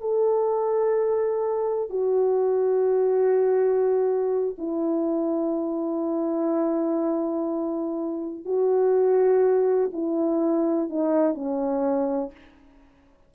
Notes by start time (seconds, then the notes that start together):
0.00 A4
1.90 F#4
4.58 E4
8.45 F#4
9.92 E4
10.89 D#4
11.34 C#4